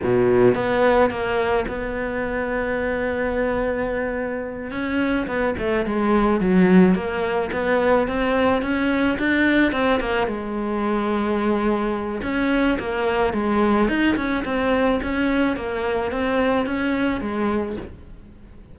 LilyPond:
\new Staff \with { instrumentName = "cello" } { \time 4/4 \tempo 4 = 108 b,4 b4 ais4 b4~ | b1~ | b8 cis'4 b8 a8 gis4 fis8~ | fis8 ais4 b4 c'4 cis'8~ |
cis'8 d'4 c'8 ais8 gis4.~ | gis2 cis'4 ais4 | gis4 dis'8 cis'8 c'4 cis'4 | ais4 c'4 cis'4 gis4 | }